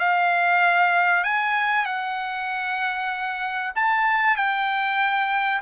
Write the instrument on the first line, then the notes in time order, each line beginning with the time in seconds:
trumpet
0.00 F5
1.24 G#5
1.86 F#5
3.76 A5
4.37 G5